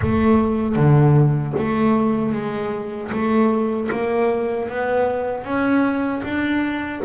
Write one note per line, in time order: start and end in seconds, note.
0.02 0.75 A3
0.75 1.53 D3
1.58 2.32 A3
2.32 3.10 G#3
3.11 3.89 A3
3.91 4.69 A#3
4.69 5.44 B3
5.44 6.21 C#4
6.23 7.01 D4